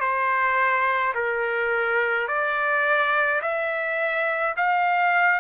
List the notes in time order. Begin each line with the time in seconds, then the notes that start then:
0.00 C5
1.15 A#4
2.28 D5
3.42 E5
4.56 F5